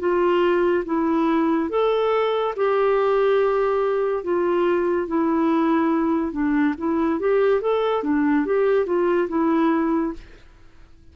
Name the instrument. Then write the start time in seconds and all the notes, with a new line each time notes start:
clarinet
0.00 F4
0.85 E4
1.70 A4
2.56 G4
4.24 F4
5.08 E4
6.32 D4
6.78 E4
7.20 G4
7.61 A4
8.04 D4
8.46 G4
8.86 F4
9.29 E4